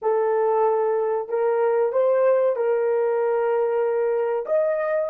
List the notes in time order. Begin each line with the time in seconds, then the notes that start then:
0.02 A4
1.29 A#4
1.92 C5
2.55 A#4
4.46 D#5